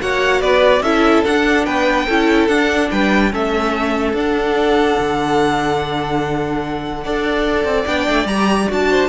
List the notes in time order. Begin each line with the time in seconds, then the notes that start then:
0.00 A#3 F#4 C#5 F#5
0.41 B3 B4 D5
0.80 C#4 E4 A4 E5
1.25 D4 F#5
1.65 B3 B4 G5
2.05 C#4 E4 A4
2.47 D4 F#5
2.91 G3 B4 G5
3.31 A3 C#4 A4 E5
4.13 D4 F#5
4.98 D3
7.03 D4 A4 D5
7.64 C4
7.85 B3 D4 G5
8.08 A3
8.25 G3 G4 A#5
8.68 D4 F#4 A5
8.90 C5